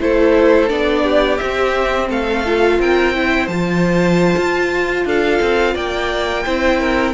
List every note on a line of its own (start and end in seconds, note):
0.00 0.70 A3
0.00 0.68 E4
0.00 1.03 A4
0.00 0.69 C5
0.68 1.40 B3
0.68 1.38 D4
0.68 1.38 D5
1.03 2.08 G4
1.38 2.10 C4
1.38 2.46 C4
1.38 2.08 E5
2.09 2.78 A3
2.09 2.79 A4
2.09 2.81 F5
2.46 3.14 F4
2.78 3.47 C4
2.78 3.15 A#4
2.78 3.47 G5
3.14 3.49 E4
3.14 5.06 C5
3.47 4.35 F3
3.47 6.46 F4
3.47 5.04 A5
4.37 5.05 F4
5.05 5.40 D4
5.05 5.74 A4
5.05 5.76 F5
5.42 5.76 C4
5.74 6.45 A#3
5.74 6.44 D5
5.74 7.14 G5
6.45 7.14 C4
6.45 7.14 E4
6.45 6.80 C5
6.80 7.14 A#4